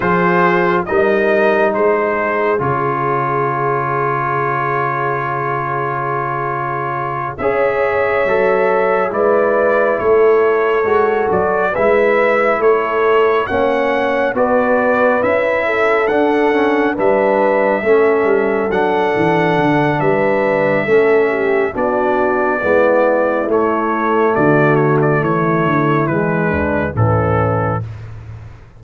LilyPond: <<
  \new Staff \with { instrumentName = "trumpet" } { \time 4/4 \tempo 4 = 69 c''4 dis''4 c''4 cis''4~ | cis''1~ | cis''8 e''2 d''4 cis''8~ | cis''4 d''8 e''4 cis''4 fis''8~ |
fis''8 d''4 e''4 fis''4 e''8~ | e''4. fis''4. e''4~ | e''4 d''2 cis''4 | d''8 cis''16 d''16 cis''4 b'4 a'4 | }
  \new Staff \with { instrumentName = "horn" } { \time 4/4 gis'4 ais'4 gis'2~ | gis'1~ | gis'8 cis''2 b'4 a'8~ | a'4. b'4 a'4 cis''8~ |
cis''8 b'4. a'4. b'8~ | b'8 a'2~ a'8 b'4 | a'8 g'8 fis'4 e'2 | fis'4 e'4. d'8 cis'4 | }
  \new Staff \with { instrumentName = "trombone" } { \time 4/4 f'4 dis'2 f'4~ | f'1~ | f'8 gis'4 a'4 e'4.~ | e'8 fis'4 e'2 cis'8~ |
cis'8 fis'4 e'4 d'8 cis'8 d'8~ | d'8 cis'4 d'2~ d'8 | cis'4 d'4 b4 a4~ | a2 gis4 e4 | }
  \new Staff \with { instrumentName = "tuba" } { \time 4/4 f4 g4 gis4 cis4~ | cis1~ | cis8 cis'4 fis4 gis4 a8~ | a8 gis8 fis8 gis4 a4 ais8~ |
ais8 b4 cis'4 d'4 g8~ | g8 a8 g8 fis8 e8 d8 g4 | a4 b4 gis4 a4 | d4 e8 d8 e8 d,8 a,4 | }
>>